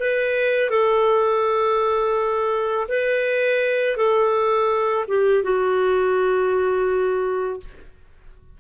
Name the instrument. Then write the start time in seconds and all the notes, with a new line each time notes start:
clarinet
0.00 B4
0.70 A4
2.88 B4
3.97 A4
5.08 G4
5.43 F#4